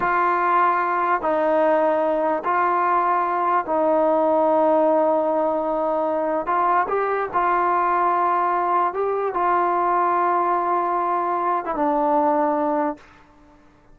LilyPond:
\new Staff \with { instrumentName = "trombone" } { \time 4/4 \tempo 4 = 148 f'2. dis'4~ | dis'2 f'2~ | f'4 dis'2.~ | dis'1 |
f'4 g'4 f'2~ | f'2 g'4 f'4~ | f'1~ | f'8. e'16 d'2. | }